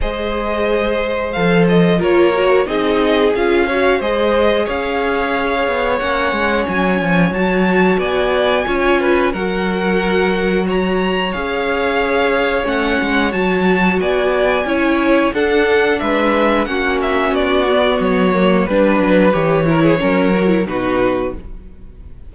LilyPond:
<<
  \new Staff \with { instrumentName = "violin" } { \time 4/4 \tempo 4 = 90 dis''2 f''8 dis''8 cis''4 | dis''4 f''4 dis''4 f''4~ | f''4 fis''4 gis''4 a''4 | gis''2 fis''2 |
ais''4 f''2 fis''4 | a''4 gis''2 fis''4 | e''4 fis''8 e''8 d''4 cis''4 | b'4 cis''2 b'4 | }
  \new Staff \with { instrumentName = "violin" } { \time 4/4 c''2. ais'4 | gis'4. cis''8 c''4 cis''4~ | cis''1 | d''4 cis''8 b'8 ais'2 |
cis''1~ | cis''4 d''4 cis''4 a'4 | b'4 fis'2. | b'4. ais'16 gis'16 ais'4 fis'4 | }
  \new Staff \with { instrumentName = "viola" } { \time 4/4 gis'2 a'4 f'8 fis'8 | dis'4 f'8 fis'8 gis'2~ | gis'4 cis'2 fis'4~ | fis'4 f'4 fis'2~ |
fis'4 gis'2 cis'4 | fis'2 e'4 d'4~ | d'4 cis'4. b4 ais8 | d'4 g'8 e'8 cis'8 fis'16 e'16 dis'4 | }
  \new Staff \with { instrumentName = "cello" } { \time 4/4 gis2 f4 ais4 | c'4 cis'4 gis4 cis'4~ | cis'8 b8 ais8 gis8 fis8 f8 fis4 | b4 cis'4 fis2~ |
fis4 cis'2 a8 gis8 | fis4 b4 cis'4 d'4 | gis4 ais4 b4 fis4 | g8 fis8 e4 fis4 b,4 | }
>>